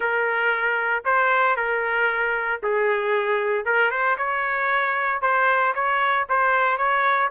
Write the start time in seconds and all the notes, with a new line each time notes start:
0.00 A#4
1.05 C5
1.56 A#4
2.62 G#4
3.65 A#4
3.90 C5
4.17 C#5
5.21 C5
5.74 C#5
6.29 C5
6.77 C#5